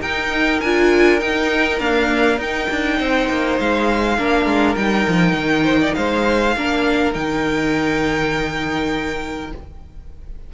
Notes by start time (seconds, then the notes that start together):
0.00 D#4 A#4 G5
0.60 D4 F4 G#5
1.19 D#4 G5
1.79 A#3 D4 F5
2.37 D#4 G5
2.70 D4
2.98 C4 C5
3.29 A#3
3.59 G#3 F5
4.17 A#3 D4 A#4
4.45 G#3
4.75 G3 D#4 G5
5.07 F3
5.32 D#3
5.64 C5
5.80 D5
5.94 G#3 C5 F5
6.56 A#3 D4 A#4
7.13 D#3 D#4 G5